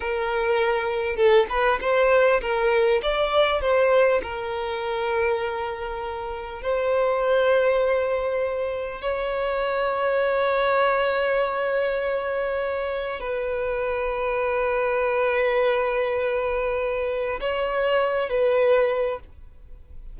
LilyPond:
\new Staff \with { instrumentName = "violin" } { \time 4/4 \tempo 4 = 100 ais'2 a'8 b'8 c''4 | ais'4 d''4 c''4 ais'4~ | ais'2. c''4~ | c''2. cis''4~ |
cis''1~ | cis''2 b'2~ | b'1~ | b'4 cis''4. b'4. | }